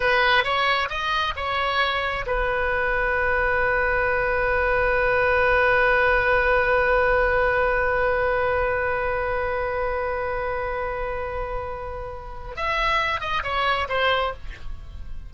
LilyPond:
\new Staff \with { instrumentName = "oboe" } { \time 4/4 \tempo 4 = 134 b'4 cis''4 dis''4 cis''4~ | cis''4 b'2.~ | b'1~ | b'1~ |
b'1~ | b'1~ | b'1 | e''4. dis''8 cis''4 c''4 | }